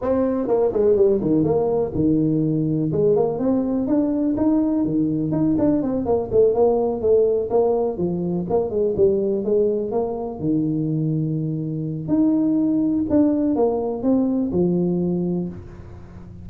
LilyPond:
\new Staff \with { instrumentName = "tuba" } { \time 4/4 \tempo 4 = 124 c'4 ais8 gis8 g8 dis8 ais4 | dis2 gis8 ais8 c'4 | d'4 dis'4 dis4 dis'8 d'8 | c'8 ais8 a8 ais4 a4 ais8~ |
ais8 f4 ais8 gis8 g4 gis8~ | gis8 ais4 dis2~ dis8~ | dis4 dis'2 d'4 | ais4 c'4 f2 | }